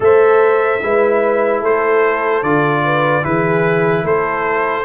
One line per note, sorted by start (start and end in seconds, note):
0.00 0.80 A3
0.00 0.80 A4
0.00 0.84 C5
0.00 1.64 E5
0.82 1.62 G#3
0.82 2.43 E4
0.82 1.60 B4
1.60 2.43 A3
1.60 2.82 A4
1.60 2.43 C5
2.43 3.24 D3
2.43 3.22 F4
2.43 3.24 D5
2.84 3.24 B4
3.22 4.03 E3
3.22 4.84 E4
3.22 4.04 G#4
3.22 4.05 B4
4.03 4.84 A3
4.03 4.85 A4
4.03 4.85 C5